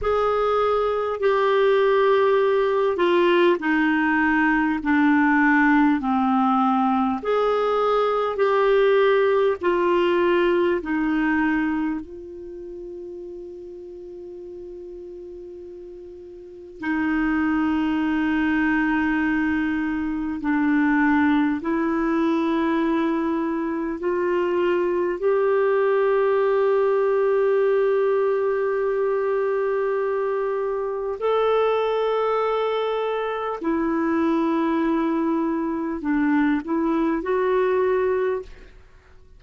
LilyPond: \new Staff \with { instrumentName = "clarinet" } { \time 4/4 \tempo 4 = 50 gis'4 g'4. f'8 dis'4 | d'4 c'4 gis'4 g'4 | f'4 dis'4 f'2~ | f'2 dis'2~ |
dis'4 d'4 e'2 | f'4 g'2.~ | g'2 a'2 | e'2 d'8 e'8 fis'4 | }